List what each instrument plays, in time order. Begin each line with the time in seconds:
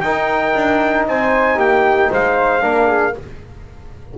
0.00 double bass D#4, trombone D#4, flute A#4, trumpet G5
0.55 double bass D4
1.07 double bass C4, flute C5, trumpet G#5
1.55 double bass A#3, flute G4, trumpet G5
2.11 double bass G#3, flute C5, trumpet F5
2.60 double bass A#3, trombone D4, flute A#4
2.87 flute G#4